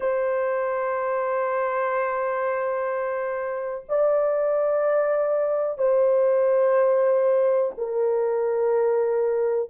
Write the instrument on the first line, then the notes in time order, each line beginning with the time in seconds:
horn
0.00 C5
3.88 D5
5.78 C5
7.77 A#4